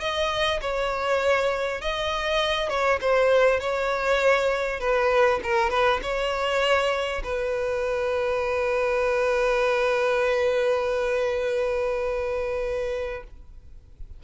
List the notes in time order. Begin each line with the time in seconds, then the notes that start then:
0.00 D#5
0.62 C#5
1.81 D#5
2.69 C#5
3.01 C5
3.60 C#5
4.80 B4
5.44 A#4
5.70 B4
6.02 C#5
7.24 B4